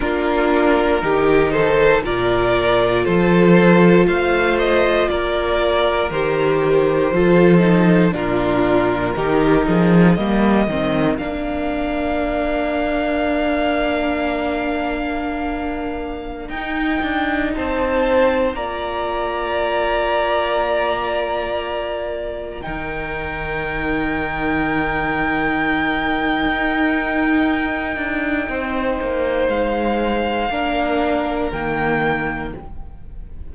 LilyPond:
<<
  \new Staff \with { instrumentName = "violin" } { \time 4/4 \tempo 4 = 59 ais'4. c''8 d''4 c''4 | f''8 dis''8 d''4 c''2 | ais'2 dis''4 f''4~ | f''1~ |
f''16 g''4 a''4 ais''4.~ ais''16~ | ais''2~ ais''16 g''4.~ g''16~ | g''1~ | g''4 f''2 g''4 | }
  \new Staff \with { instrumentName = "violin" } { \time 4/4 f'4 g'8 a'8 ais'4 a'4 | c''4 ais'2 a'4 | f'4 g'8 gis'8 ais'2~ | ais'1~ |
ais'4~ ais'16 c''4 d''4.~ d''16~ | d''2~ d''16 ais'4.~ ais'16~ | ais'1 | c''2 ais'2 | }
  \new Staff \with { instrumentName = "viola" } { \time 4/4 d'4 dis'4 f'2~ | f'2 g'4 f'8 dis'8 | d'4 dis'4 ais8 c'8 d'4~ | d'1~ |
d'16 dis'2 f'4.~ f'16~ | f'2~ f'16 dis'4.~ dis'16~ | dis'1~ | dis'2 d'4 ais4 | }
  \new Staff \with { instrumentName = "cello" } { \time 4/4 ais4 dis4 ais,4 f4 | a4 ais4 dis4 f4 | ais,4 dis8 f8 g8 dis8 ais4~ | ais1~ |
ais16 dis'8 d'8 c'4 ais4.~ ais16~ | ais2~ ais16 dis4.~ dis16~ | dis2 dis'4. d'8 | c'8 ais8 gis4 ais4 dis4 | }
>>